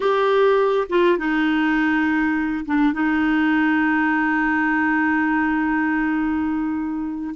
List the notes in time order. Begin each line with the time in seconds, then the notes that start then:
0.00 G4
0.89 F4
1.18 D#4
2.65 D4
2.93 D#4